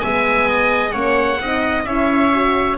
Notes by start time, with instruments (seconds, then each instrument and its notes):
0.00 double bass G#3, horn B3, viola E5, oboe G#5
0.48 viola D#5
0.91 double bass A#3, horn C#4, viola C#5, oboe F#5
1.40 double bass C4, horn D#4, viola D#5
1.84 double bass C#4, horn E4, viola C#5, oboe E5
2.33 horn F#4